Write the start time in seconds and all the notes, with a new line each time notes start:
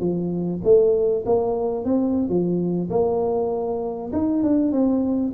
0.00 F3
0.64 A3
1.25 A#3
1.85 C4
2.29 F3
2.90 A#3
4.13 D#4
4.43 D4
4.72 C4